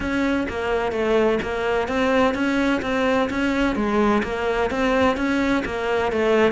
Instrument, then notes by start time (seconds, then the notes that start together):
cello
0.00 C#4
0.49 A#3
0.92 A3
1.42 A#3
1.87 C4
2.34 C#4
2.82 C4
3.30 C#4
3.75 G#3
4.23 A#3
4.70 C4
5.16 C#4
5.65 A#3
6.12 A3